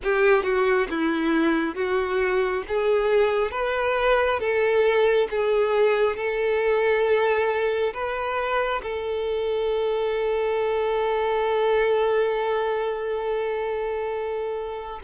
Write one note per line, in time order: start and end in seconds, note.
0.03 0.43 G4
0.43 0.87 F#4
0.90 1.75 E4
1.75 2.63 F#4
2.68 3.51 G#4
3.51 4.39 B4
4.39 5.27 A4
5.30 6.16 G#4
6.16 7.93 A4
7.93 8.81 B4
8.82 15.00 A4